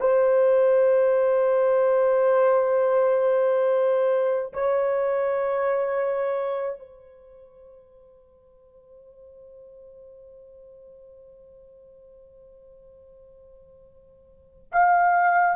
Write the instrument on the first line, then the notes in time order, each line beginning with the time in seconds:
horn
0.00 C5
4.53 C#5
6.79 C5
14.72 F5